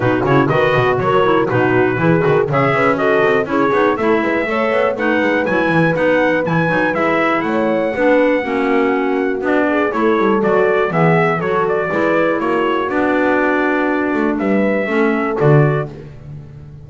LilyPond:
<<
  \new Staff \with { instrumentName = "trumpet" } { \time 4/4 \tempo 4 = 121 b'8 cis''8 dis''4 cis''4 b'4~ | b'4 e''4 dis''4 cis''4 | e''2 fis''4 gis''4 | fis''4 gis''4 e''4 fis''4~ |
fis''2. d''4 | cis''4 d''4 e''4 cis''8 d''8~ | d''4 cis''4 d''2~ | d''4 e''2 d''4 | }
  \new Staff \with { instrumentName = "horn" } { \time 4/4 fis'4 b'4 ais'4 fis'4 | gis'4 cis''8 b'8 a'4 gis'4 | a'8 b'8 cis''4 b'2~ | b'2. cis''4 |
b'4 fis'2~ fis'8 gis'8 | a'2 gis'4 a'4 | b'4 fis'2.~ | fis'4 b'4 a'2 | }
  \new Staff \with { instrumentName = "clarinet" } { \time 4/4 dis'8 e'8 fis'4. e'8 dis'4 | e'8 fis'8 gis'4 fis'4 e'8 dis'8 | e'4 a'4 dis'4 e'4 | dis'4 e'8 dis'8 e'2 |
d'4 cis'2 d'4 | e'4 fis'4 b4 fis'4 | e'2 d'2~ | d'2 cis'4 fis'4 | }
  \new Staff \with { instrumentName = "double bass" } { \time 4/4 b,8 cis8 dis8 b,8 fis4 b,4 | e8 dis8 cis8 cis'4 c'8 cis'8 b8 | a8 gis8 a8 b8 a8 gis8 fis8 e8 | b4 e8 fis8 gis4 a4 |
b4 ais2 b4 | a8 g8 fis4 e4 fis4 | gis4 ais4 b2~ | b8 a8 g4 a4 d4 | }
>>